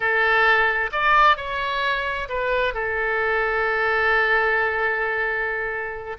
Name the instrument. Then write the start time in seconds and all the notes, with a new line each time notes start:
oboe
0.00 A4
0.91 D5
1.36 C#5
2.28 B4
2.74 A4